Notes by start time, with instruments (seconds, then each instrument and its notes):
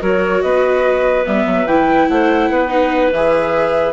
0.00 bassoon F#3, viola F#4, clarinet A#4, flute C#5
0.41 bassoon B3, clarinet B4, flute D#5
1.25 bassoon G3, viola B3, flute E5
1.46 bassoon F#3
1.66 bassoon E3, viola E4, flute G5
2.08 bassoon A3, clarinet C5, flute F#5
2.50 bassoon B3, clarinet B4
2.68 viola D#4
3.12 bassoon E3, viola G#4, flute E5